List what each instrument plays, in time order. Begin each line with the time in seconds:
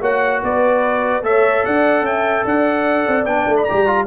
0.00 tuba A#3, trombone F#4, horn C#5, trumpet F#5
0.42 tuba B3, horn B4, trumpet D5
1.22 tuba A3, trombone A4, horn C#5, trumpet E5
1.64 tuba D4, horn D5, trumpet F#5
2.01 tuba C#4, horn E5, trumpet G5
2.45 tuba D4, horn D5, trumpet F#5
3.07 tuba C4
3.25 tuba B3, trombone D4, trumpet G5
3.47 tuba A3
3.56 trumpet B5
3.64 trombone G4, trumpet A#5
3.71 tuba G3
3.86 trombone F4